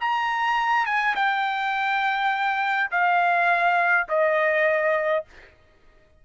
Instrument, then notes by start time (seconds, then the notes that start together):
trumpet
0.00 A#5
0.86 G#5
1.15 G5
2.91 F5
4.08 D#5